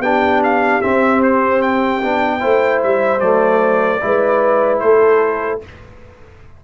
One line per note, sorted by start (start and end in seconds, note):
0.00 0.80 B3
0.00 0.82 D4
0.00 2.41 G4
0.00 0.42 G5
0.44 0.81 F5
0.81 2.02 C4
0.81 2.03 C4
0.81 1.21 E5
1.23 1.62 C5
1.62 2.82 G5
2.03 2.43 B3
2.03 2.39 D4
2.39 2.83 A3
2.39 3.19 E4
2.39 4.01 C5
2.83 3.20 G3
2.83 3.20 E5
3.20 4.00 F#3
3.20 4.01 A3
3.20 4.79 D5
4.01 4.82 G#3
4.01 5.61 E4
4.01 4.84 B4
4.79 5.62 A3
4.79 5.64 A4
4.79 5.60 C5